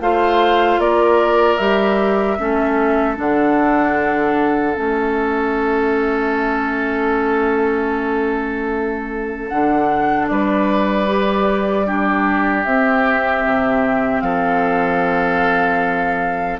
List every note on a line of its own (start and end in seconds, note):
0.00 0.78 A3
0.00 1.58 F4
0.00 0.80 C5
0.00 0.80 F5
0.78 1.57 A#3
0.78 2.38 A#4
0.78 1.57 D5
1.57 2.37 G3
1.57 2.37 G4
1.57 3.15 E5
2.37 3.18 A3
2.37 3.15 C#4
2.37 10.29 A4
3.15 4.76 D3
3.15 4.73 D4
3.15 4.75 F#5
4.75 9.50 A3
4.75 9.48 C#4
4.75 9.47 E5
9.47 10.30 D3
9.47 11.07 D4
9.47 10.26 F#5
10.27 12.65 G3
10.27 11.86 B4
10.27 12.64 D5
11.07 11.85 G4
11.85 12.64 D4
11.85 14.23 G4
12.64 13.44 C4
12.64 16.59 C4
12.64 14.21 E5
13.45 14.21 C3
14.21 16.58 F3
14.21 16.59 A4
14.21 16.57 F5